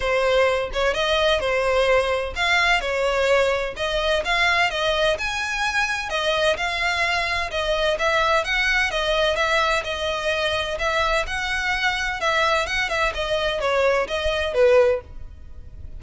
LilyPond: \new Staff \with { instrumentName = "violin" } { \time 4/4 \tempo 4 = 128 c''4. cis''8 dis''4 c''4~ | c''4 f''4 cis''2 | dis''4 f''4 dis''4 gis''4~ | gis''4 dis''4 f''2 |
dis''4 e''4 fis''4 dis''4 | e''4 dis''2 e''4 | fis''2 e''4 fis''8 e''8 | dis''4 cis''4 dis''4 b'4 | }